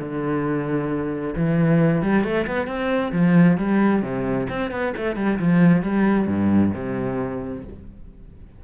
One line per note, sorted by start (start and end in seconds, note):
0.00 1.35 D3
1.36 2.03 E3
2.03 2.24 G3
2.24 2.47 A3
2.48 2.67 B3
2.67 3.13 C4
3.13 3.58 F3
3.58 4.03 G3
4.03 4.48 C3
4.50 4.71 C4
4.71 4.94 B3
4.97 5.16 A3
5.16 5.39 G3
5.40 5.83 F3
5.83 6.28 G3
6.28 6.73 G2
6.74 7.64 C3